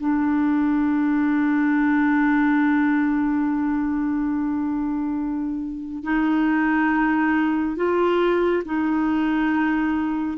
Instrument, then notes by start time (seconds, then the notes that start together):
clarinet
0.00 D4
6.04 D#4
7.76 F4
8.65 D#4